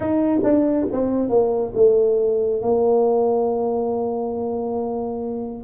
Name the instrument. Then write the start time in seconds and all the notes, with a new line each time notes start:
tuba
0.00 D#4
0.43 D4
0.92 C4
1.29 A#3
1.74 A3
2.62 A#3